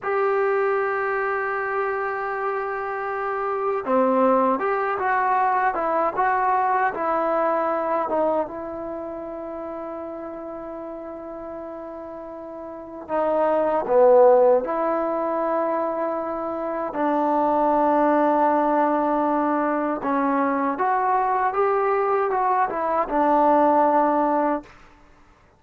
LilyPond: \new Staff \with { instrumentName = "trombone" } { \time 4/4 \tempo 4 = 78 g'1~ | g'4 c'4 g'8 fis'4 e'8 | fis'4 e'4. dis'8 e'4~ | e'1~ |
e'4 dis'4 b4 e'4~ | e'2 d'2~ | d'2 cis'4 fis'4 | g'4 fis'8 e'8 d'2 | }